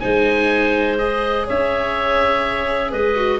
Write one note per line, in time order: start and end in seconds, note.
0.00 1.49 G#3
0.00 0.97 D#4
0.00 1.46 C5
0.00 0.97 G#5
0.98 3.15 G#4
0.98 1.46 D#5
1.46 2.93 C#4
1.46 2.90 C#5
1.46 2.92 E5
2.90 3.39 G#3
2.90 3.39 B4
2.90 3.39 D#5
3.15 3.39 F#4